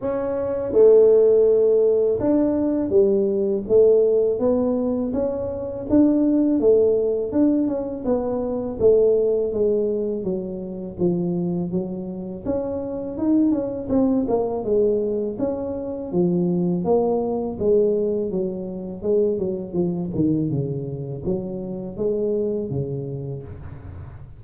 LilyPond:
\new Staff \with { instrumentName = "tuba" } { \time 4/4 \tempo 4 = 82 cis'4 a2 d'4 | g4 a4 b4 cis'4 | d'4 a4 d'8 cis'8 b4 | a4 gis4 fis4 f4 |
fis4 cis'4 dis'8 cis'8 c'8 ais8 | gis4 cis'4 f4 ais4 | gis4 fis4 gis8 fis8 f8 dis8 | cis4 fis4 gis4 cis4 | }